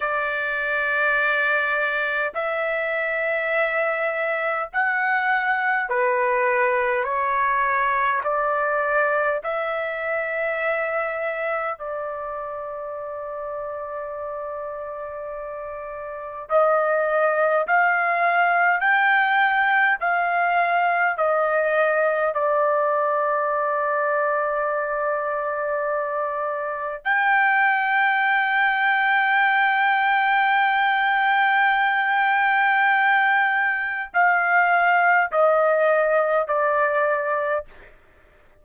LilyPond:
\new Staff \with { instrumentName = "trumpet" } { \time 4/4 \tempo 4 = 51 d''2 e''2 | fis''4 b'4 cis''4 d''4 | e''2 d''2~ | d''2 dis''4 f''4 |
g''4 f''4 dis''4 d''4~ | d''2. g''4~ | g''1~ | g''4 f''4 dis''4 d''4 | }